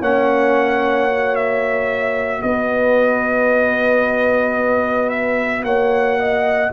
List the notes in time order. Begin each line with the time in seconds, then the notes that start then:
0.00 A#3 C#4 C#5 F#5
1.10 F#4
1.36 E5
2.42 B3 B4 D#5
5.10 E5
5.63 A#3 C#5 F#5
6.19 D#5